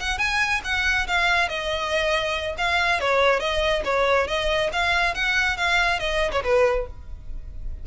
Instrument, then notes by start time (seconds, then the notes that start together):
violin
0.00 F#5
0.18 G#5
0.64 F#5
1.08 F5
1.49 D#5
2.58 F5
3.00 C#5
3.40 D#5
3.85 C#5
4.27 D#5
4.73 F5
5.15 F#5
5.57 F5
5.99 D#5
6.32 C#5
6.44 B4